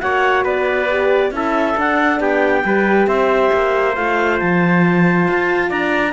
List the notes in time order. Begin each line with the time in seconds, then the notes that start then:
0.00 A#3 F#4 C#5 F#5
0.44 B3 B4 D5
0.90 G4
1.31 C#4 E4 A4 E5
1.77 D4 F#5
2.20 B3 G4 G5
2.64 G3 G4 B4
3.07 C4 C5 E5
3.53 A#3
3.95 A3 F4 F5
4.39 F3 A5
5.28 F4
5.69 D4 D5 A#5